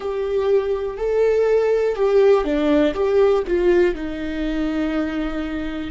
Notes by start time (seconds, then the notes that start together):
0.00 G4
0.97 A4
1.95 G4
2.44 D4
2.93 G4
3.47 F4
3.94 D#4